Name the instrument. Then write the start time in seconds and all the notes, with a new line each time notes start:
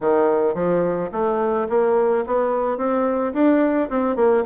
bassoon
0.00 D#3
0.54 F3
1.12 A3
1.69 A#3
2.26 B3
2.77 C4
3.33 D4
3.89 C4
4.15 A#3